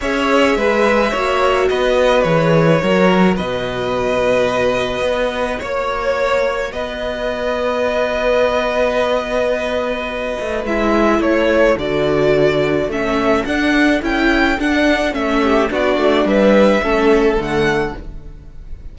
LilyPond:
<<
  \new Staff \with { instrumentName = "violin" } { \time 4/4 \tempo 4 = 107 e''2. dis''4 | cis''2 dis''2~ | dis''2 cis''2 | dis''1~ |
dis''2. e''4 | cis''4 d''2 e''4 | fis''4 g''4 fis''4 e''4 | d''4 e''2 fis''4 | }
  \new Staff \with { instrumentName = "violin" } { \time 4/4 cis''4 b'4 cis''4 b'4~ | b'4 ais'4 b'2~ | b'2 cis''2 | b'1~ |
b'1 | a'1~ | a'2.~ a'8 g'8 | fis'4 b'4 a'2 | }
  \new Staff \with { instrumentName = "viola" } { \time 4/4 gis'2 fis'2 | gis'4 fis'2.~ | fis'1~ | fis'1~ |
fis'2. e'4~ | e'4 fis'2 cis'4 | d'4 e'4 d'4 cis'4 | d'2 cis'4 a4 | }
  \new Staff \with { instrumentName = "cello" } { \time 4/4 cis'4 gis4 ais4 b4 | e4 fis4 b,2~ | b,4 b4 ais2 | b1~ |
b2~ b8 a8 gis4 | a4 d2 a4 | d'4 cis'4 d'4 a4 | b8 a8 g4 a4 d4 | }
>>